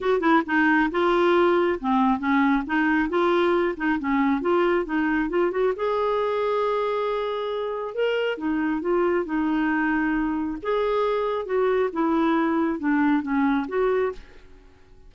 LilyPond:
\new Staff \with { instrumentName = "clarinet" } { \time 4/4 \tempo 4 = 136 fis'8 e'8 dis'4 f'2 | c'4 cis'4 dis'4 f'4~ | f'8 dis'8 cis'4 f'4 dis'4 | f'8 fis'8 gis'2.~ |
gis'2 ais'4 dis'4 | f'4 dis'2. | gis'2 fis'4 e'4~ | e'4 d'4 cis'4 fis'4 | }